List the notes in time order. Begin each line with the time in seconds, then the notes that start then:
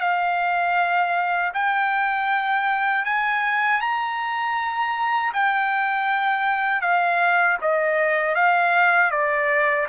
0.00 F5
1.53 G5
3.05 G#5
3.80 A#5
5.33 G5
6.81 F5
7.61 D#5
8.35 F5
9.11 D5